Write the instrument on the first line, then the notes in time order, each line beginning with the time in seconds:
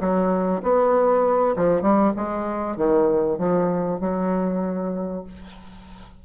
bassoon
0.00 F#3
0.63 B3
1.56 F3
1.81 G3
2.16 G#3
2.76 D#3
3.38 F3
4.00 F#3